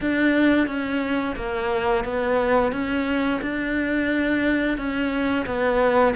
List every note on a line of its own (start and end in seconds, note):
0.00 0.67 D4
0.67 1.35 C#4
1.36 2.04 A#3
2.04 2.72 B3
2.72 3.40 C#4
3.41 4.77 D4
4.77 5.45 C#4
5.46 6.14 B3